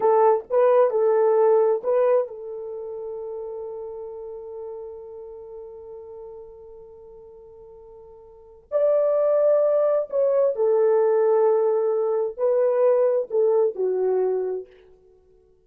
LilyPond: \new Staff \with { instrumentName = "horn" } { \time 4/4 \tempo 4 = 131 a'4 b'4 a'2 | b'4 a'2.~ | a'1~ | a'1~ |
a'2. d''4~ | d''2 cis''4 a'4~ | a'2. b'4~ | b'4 a'4 fis'2 | }